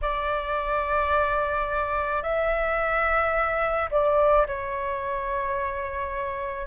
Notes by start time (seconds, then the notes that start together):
0.01 D5
2.22 E5
3.90 D5
4.46 C#5